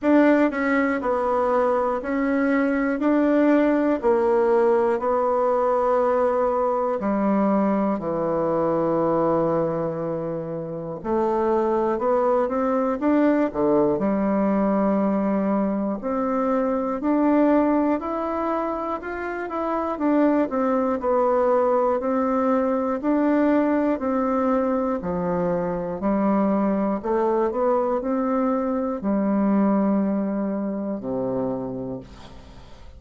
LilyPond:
\new Staff \with { instrumentName = "bassoon" } { \time 4/4 \tempo 4 = 60 d'8 cis'8 b4 cis'4 d'4 | ais4 b2 g4 | e2. a4 | b8 c'8 d'8 d8 g2 |
c'4 d'4 e'4 f'8 e'8 | d'8 c'8 b4 c'4 d'4 | c'4 f4 g4 a8 b8 | c'4 g2 c4 | }